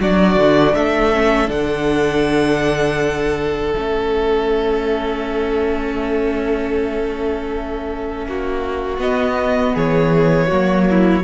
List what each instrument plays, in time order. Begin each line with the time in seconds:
0.00 cello F#3, viola D4, violin F#4 D5
0.36 cello D3
0.75 cello A3, violin A4 E5
1.14 viola C#4
1.48 cello D3, viola D4, violin F#5
3.73 cello A3, viola C#4, violin E5
8.26 cello A#3, violin F#4
8.98 cello B3, viola B3, violin D#5
9.74 cello E3, violin G#4 C#5
10.48 cello F#3, viola A#3, violin F#4
10.90 violin E4